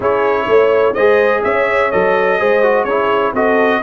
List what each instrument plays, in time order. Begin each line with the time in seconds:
0.00 tuba C#4, trombone E4, horn G#4, trumpet C#5
0.47 tuba A3, horn C#5
0.94 tuba G#3, trombone G#4, horn C5, trumpet D#5
1.43 tuba C#4, horn C#5, trumpet E5
1.91 tuba F#3, trombone A4, trumpet D#5
2.38 tuba G#3, trombone G#4, horn C5
2.62 trombone F#4
2.84 tuba C#4, trombone E4, horn G#4, trumpet C#5
3.33 tuba C4, trombone F#4, horn A4, trumpet D#5